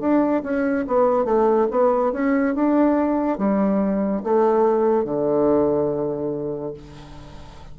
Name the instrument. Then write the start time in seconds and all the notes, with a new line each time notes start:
bassoon
0.00 D4
0.43 C#4
0.87 B3
1.25 A3
1.71 B3
2.13 C#4
2.55 D4
3.38 G3
4.24 A3
5.05 D3